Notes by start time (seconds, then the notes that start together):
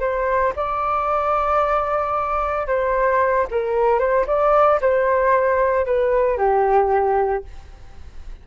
0.00 C5
0.56 D5
2.67 C5
3.51 A#4
3.99 C5
4.27 D5
4.81 C5
5.86 B4
6.38 G4